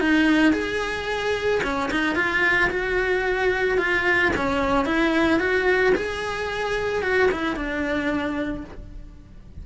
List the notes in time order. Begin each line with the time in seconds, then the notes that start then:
0.00 D#4
0.53 G#4
1.63 C#4
1.90 D#4
2.15 F4
2.70 F#4
3.78 F4
4.36 C#4
4.85 E4
5.39 F#4
5.95 G#4
7.02 F#4
7.31 E4
7.56 D4